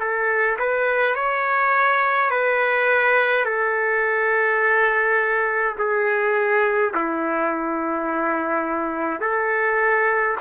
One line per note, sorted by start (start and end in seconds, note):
0.00 0.58 A4
0.58 1.15 B4
1.15 2.30 C#5
2.30 3.45 B4
3.45 5.75 A4
5.78 6.93 G#4
6.94 9.20 E4
9.20 10.36 A4